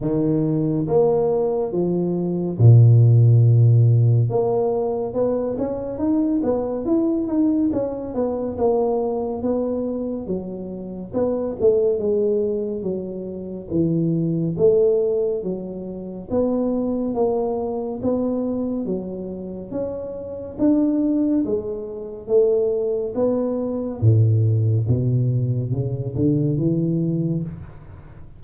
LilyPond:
\new Staff \with { instrumentName = "tuba" } { \time 4/4 \tempo 4 = 70 dis4 ais4 f4 ais,4~ | ais,4 ais4 b8 cis'8 dis'8 b8 | e'8 dis'8 cis'8 b8 ais4 b4 | fis4 b8 a8 gis4 fis4 |
e4 a4 fis4 b4 | ais4 b4 fis4 cis'4 | d'4 gis4 a4 b4 | a,4 b,4 cis8 d8 e4 | }